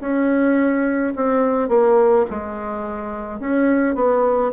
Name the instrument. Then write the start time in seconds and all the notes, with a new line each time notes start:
bassoon
0.00 C#4
1.16 C4
1.69 A#3
2.30 G#3
3.39 C#4
3.95 B3